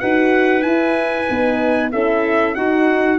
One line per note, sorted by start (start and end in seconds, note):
0.00 0.65 D#4
0.00 0.62 F#4
0.00 1.92 B4
0.00 0.62 F#5
0.62 1.26 E4
0.62 1.28 E4
0.62 1.90 G#5
1.28 1.94 B3
1.28 1.91 D#4
1.91 2.57 C#4
1.91 2.55 E4
1.91 2.56 A4
1.91 2.55 E5
2.55 3.18 D#4
2.55 3.18 F#4
2.55 3.18 F#5